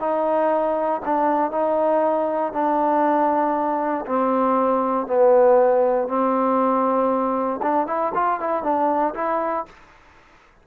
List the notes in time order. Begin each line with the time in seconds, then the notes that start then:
0.00 D#4
1.06 D4
1.51 D#4
2.53 D4
4.06 C4
5.07 B3
6.08 C4
7.63 D4
7.87 E4
8.15 F4
8.40 E4
8.63 D4
9.15 E4